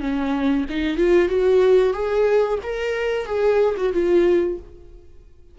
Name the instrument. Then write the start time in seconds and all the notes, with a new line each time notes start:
viola
0.00 C#4
0.69 D#4
0.97 F4
1.28 F#4
1.93 G#4
2.63 A#4
3.25 G#4
3.77 F#4
3.92 F4